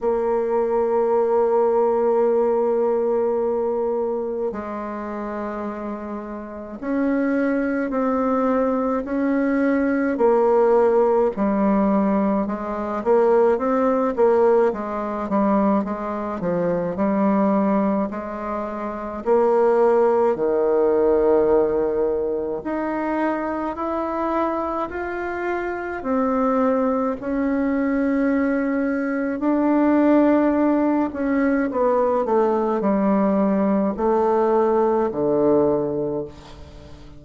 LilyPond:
\new Staff \with { instrumentName = "bassoon" } { \time 4/4 \tempo 4 = 53 ais1 | gis2 cis'4 c'4 | cis'4 ais4 g4 gis8 ais8 | c'8 ais8 gis8 g8 gis8 f8 g4 |
gis4 ais4 dis2 | dis'4 e'4 f'4 c'4 | cis'2 d'4. cis'8 | b8 a8 g4 a4 d4 | }